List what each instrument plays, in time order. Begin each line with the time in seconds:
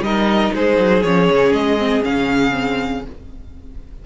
0.00 cello G3, viola D#4, violin A#4 D#5
0.53 cello G#3, violin G#4 C5
0.78 cello F#3
1.02 cello F3, viola C#4, violin C#5
1.30 cello C#3
1.52 cello G#3, violin D#5
1.78 viola C4
2.01 cello C#3, viola C#4, violin F5
2.51 viola C4